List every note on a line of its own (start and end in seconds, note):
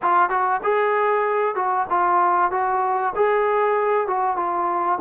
0.01 0.29 F4
0.29 0.61 F#4
0.63 1.55 G#4
1.55 1.86 F#4
1.89 2.51 F4
2.51 3.13 F#4
3.15 4.07 G#4
4.07 4.36 F#4
4.36 4.98 F4